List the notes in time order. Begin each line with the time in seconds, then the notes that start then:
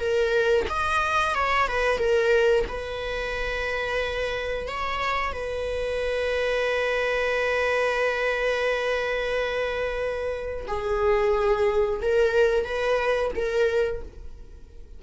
0.00 A#4
0.70 D#5
1.35 C#5
1.68 B4
1.99 A#4
2.68 B4
4.68 C#5
5.33 B4
10.68 G#4
12.02 A#4
12.65 B4
13.36 A#4